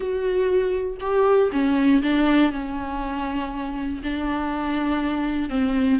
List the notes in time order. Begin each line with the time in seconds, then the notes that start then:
0.00 F#4
1.00 G4
1.51 C#4
2.02 D4
2.51 C#4
4.03 D4
5.49 C4